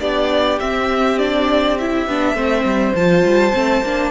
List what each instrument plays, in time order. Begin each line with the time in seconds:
0.00 cello B3, viola D4, violin G4 D5
0.60 viola C4, cello C4, violin E5
1.19 viola D4, violin D5
1.78 viola E4, violin E5
2.07 cello B3, viola D4
2.34 cello A3, viola C4, violin C5
2.64 cello G3
2.95 cello F3, viola F4, violin A5
3.25 cello G3
3.53 cello A3, viola C4
3.82 cello A#3, viola D4